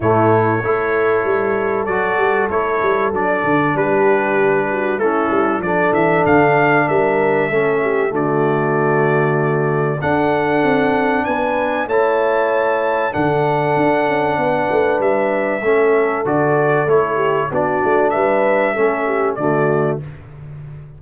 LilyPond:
<<
  \new Staff \with { instrumentName = "trumpet" } { \time 4/4 \tempo 4 = 96 cis''2. d''4 | cis''4 d''4 b'2 | a'4 d''8 e''8 f''4 e''4~ | e''4 d''2. |
fis''2 gis''4 a''4~ | a''4 fis''2. | e''2 d''4 cis''4 | d''4 e''2 d''4 | }
  \new Staff \with { instrumentName = "horn" } { \time 4/4 e'4 a'2.~ | a'2 g'4. fis'8 | e'4 a'2 ais'4 | a'8 g'8 fis'2. |
a'2 b'4 cis''4~ | cis''4 a'2 b'4~ | b'4 a'2~ a'8 g'8 | fis'4 b'4 a'8 g'8 fis'4 | }
  \new Staff \with { instrumentName = "trombone" } { \time 4/4 a4 e'2 fis'4 | e'4 d'2. | cis'4 d'2. | cis'4 a2. |
d'2. e'4~ | e'4 d'2.~ | d'4 cis'4 fis'4 e'4 | d'2 cis'4 a4 | }
  \new Staff \with { instrumentName = "tuba" } { \time 4/4 a,4 a4 g4 fis8 g8 | a8 g8 fis8 d8 g2 | a8 g8 f8 e8 d4 g4 | a4 d2. |
d'4 c'4 b4 a4~ | a4 d4 d'8 cis'8 b8 a8 | g4 a4 d4 a4 | b8 a8 g4 a4 d4 | }
>>